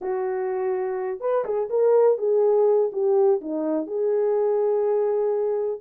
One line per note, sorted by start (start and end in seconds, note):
0.01 1.20 F#4
1.20 1.44 B4
1.45 1.69 G#4
1.69 2.18 A#4
2.18 2.90 G#4
2.92 3.40 G4
3.41 3.86 D#4
3.86 5.80 G#4